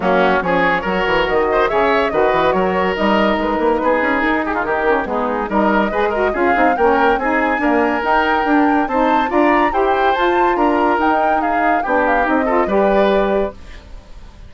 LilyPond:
<<
  \new Staff \with { instrumentName = "flute" } { \time 4/4 \tempo 4 = 142 fis'4 cis''2 dis''4 | e''4 dis''4 cis''4 dis''4 | b'2 ais'8 gis'8 ais'4 | gis'4 dis''2 f''4 |
g''4 gis''2 g''4~ | g''4 a''4 ais''4 g''4 | a''4 ais''4 g''4 f''4 | g''8 f''8 dis''4 d''2 | }
  \new Staff \with { instrumentName = "oboe" } { \time 4/4 cis'4 gis'4 ais'4. c''8 | cis''4 b'4 ais'2~ | ais'4 gis'4. g'16 f'16 g'4 | dis'4 ais'4 b'8 ais'8 gis'4 |
ais'4 gis'4 ais'2~ | ais'4 c''4 d''4 c''4~ | c''4 ais'2 gis'4 | g'4. a'8 b'2 | }
  \new Staff \with { instrumentName = "saxophone" } { \time 4/4 ais4 cis'4 fis'2 | gis'4 fis'2 dis'4~ | dis'2.~ dis'8 cis'8 | b4 dis'4 gis'8 fis'8 f'8 dis'8 |
cis'4 dis'4 ais4 dis'4 | d'4 dis'4 f'4 g'4 | f'2 dis'2 | d'4 dis'8 f'8 g'2 | }
  \new Staff \with { instrumentName = "bassoon" } { \time 4/4 fis4 f4 fis8 e8 dis4 | cis4 dis8 e8 fis4 g4 | gis8 ais8 b8 cis'8 dis'4 dis4 | gis4 g4 gis4 cis'8 c'8 |
ais4 c'4 d'4 dis'4 | d'4 c'4 d'4 e'4 | f'4 d'4 dis'2 | b4 c'4 g2 | }
>>